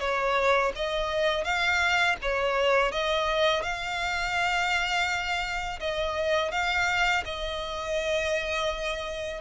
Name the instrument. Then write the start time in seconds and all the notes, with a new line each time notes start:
violin
0.00 C#5
0.75 D#5
1.44 F5
2.22 C#5
2.92 D#5
3.63 F5
5.80 D#5
6.52 F5
7.25 D#5